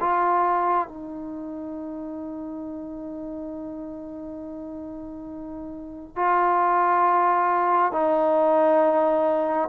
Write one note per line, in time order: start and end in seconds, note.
0.00 0.87 F4
0.87 6.16 D#4
6.16 7.92 F4
7.92 9.69 D#4